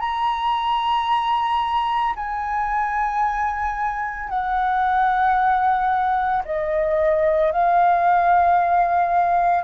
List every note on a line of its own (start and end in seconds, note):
0.00 2.14 A#5
2.16 4.29 G#5
4.29 6.43 F#5
6.45 7.52 D#5
7.52 9.64 F5